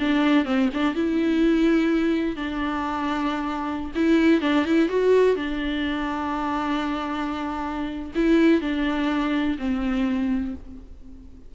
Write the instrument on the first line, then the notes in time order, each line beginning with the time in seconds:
viola
0.00 D4
0.45 C4
0.74 D4
0.95 E4
2.37 D4
3.95 E4
4.42 D4
4.65 E4
4.89 F#4
5.36 D4
8.15 E4
8.61 D4
9.58 C4